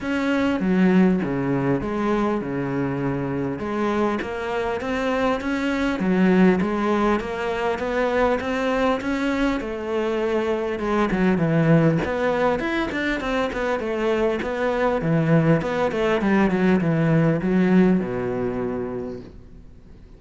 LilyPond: \new Staff \with { instrumentName = "cello" } { \time 4/4 \tempo 4 = 100 cis'4 fis4 cis4 gis4 | cis2 gis4 ais4 | c'4 cis'4 fis4 gis4 | ais4 b4 c'4 cis'4 |
a2 gis8 fis8 e4 | b4 e'8 d'8 c'8 b8 a4 | b4 e4 b8 a8 g8 fis8 | e4 fis4 b,2 | }